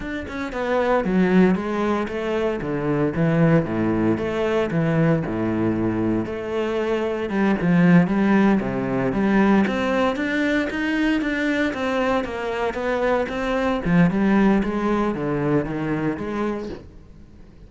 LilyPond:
\new Staff \with { instrumentName = "cello" } { \time 4/4 \tempo 4 = 115 d'8 cis'8 b4 fis4 gis4 | a4 d4 e4 a,4 | a4 e4 a,2 | a2 g8 f4 g8~ |
g8 c4 g4 c'4 d'8~ | d'8 dis'4 d'4 c'4 ais8~ | ais8 b4 c'4 f8 g4 | gis4 d4 dis4 gis4 | }